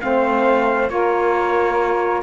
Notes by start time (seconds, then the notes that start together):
0.00 A3 C4 C5 F5
0.89 A#3 F4 A#4 C#5